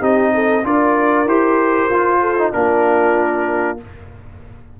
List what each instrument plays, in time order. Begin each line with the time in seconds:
0.00 tuba C4, trombone D#4, horn G4, trumpet D#5
0.34 horn A4
0.64 tuba D4, trombone F4, horn A#4, trumpet D5
1.26 tuba E4, trombone G4, trumpet C5
1.90 tuba F4, trombone F4
2.21 horn A4
2.38 trombone D#4
2.52 tuba A#3, trombone D4, horn F4, trumpet A#4